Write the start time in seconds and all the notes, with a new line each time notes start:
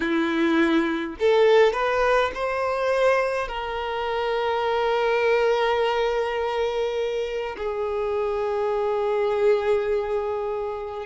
0.00 E4
1.19 A4
1.72 B4
2.34 C5
3.48 A#4
7.57 G#4